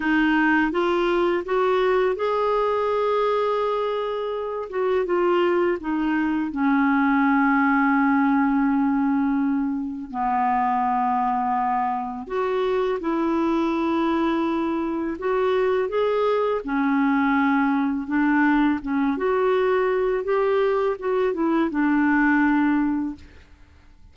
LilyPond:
\new Staff \with { instrumentName = "clarinet" } { \time 4/4 \tempo 4 = 83 dis'4 f'4 fis'4 gis'4~ | gis'2~ gis'8 fis'8 f'4 | dis'4 cis'2.~ | cis'2 b2~ |
b4 fis'4 e'2~ | e'4 fis'4 gis'4 cis'4~ | cis'4 d'4 cis'8 fis'4. | g'4 fis'8 e'8 d'2 | }